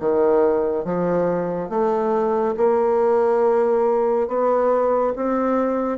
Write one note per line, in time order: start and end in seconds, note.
0.00 0.85 D#3
0.85 1.70 F3
1.70 2.56 A3
2.58 4.28 A#3
4.28 5.14 B3
5.16 5.98 C4